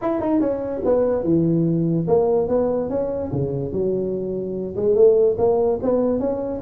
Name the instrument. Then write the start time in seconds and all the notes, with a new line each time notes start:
tuba
0.01 E4
0.20 D#4
0.40 C#4
0.84 B3
1.23 E3
2.07 A#3
2.48 B3
2.89 C#4
3.32 C#3
3.72 F#3
4.75 G#3
4.95 A3
5.38 A#3
5.82 B3
6.19 C#4